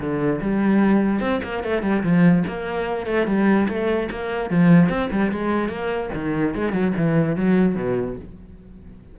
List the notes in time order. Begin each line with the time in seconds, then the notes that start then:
0.00 D3
0.42 G3
1.21 C4
1.44 A#3
1.64 A3
1.83 G3
2.04 F3
2.48 A#3
3.07 A3
3.27 G3
3.69 A3
4.11 A#3
4.51 F3
4.90 C4
5.12 G3
5.32 G#3
5.69 A#3
6.15 D#3
6.55 G#3
6.73 F#3
6.97 E3
7.37 F#3
7.76 B2